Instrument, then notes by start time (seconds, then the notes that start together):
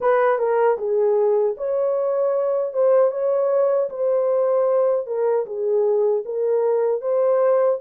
horn
0.00 B4
0.38 A#4
0.78 G#4
1.57 C#5
2.73 C5
3.11 C#5
3.89 C5
5.06 A#4
5.45 G#4
6.25 A#4
7.01 C5